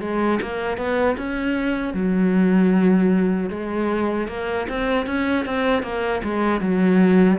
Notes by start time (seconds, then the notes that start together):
0.00 G#3
0.41 A#3
0.77 B3
1.17 C#4
1.94 F#3
3.50 G#3
4.28 A#3
4.68 C4
5.06 C#4
5.45 C4
5.83 A#3
6.23 G#3
6.61 F#3